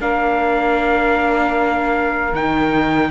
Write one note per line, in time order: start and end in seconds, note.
0.00 2.33 A#3
0.00 2.34 D4
0.00 3.11 A#4
0.00 2.35 F5
2.33 3.11 D#3
2.33 3.11 D#4
2.33 3.11 G5